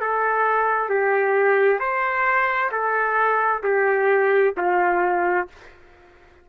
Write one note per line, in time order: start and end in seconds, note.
0.00 0.89 A4
0.89 1.80 G4
1.80 2.71 C5
2.71 3.62 A4
3.63 4.54 G4
4.57 5.48 F4